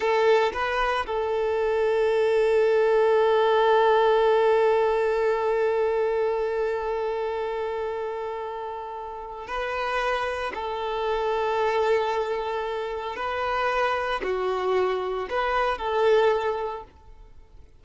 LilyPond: \new Staff \with { instrumentName = "violin" } { \time 4/4 \tempo 4 = 114 a'4 b'4 a'2~ | a'1~ | a'1~ | a'1~ |
a'2 b'2 | a'1~ | a'4 b'2 fis'4~ | fis'4 b'4 a'2 | }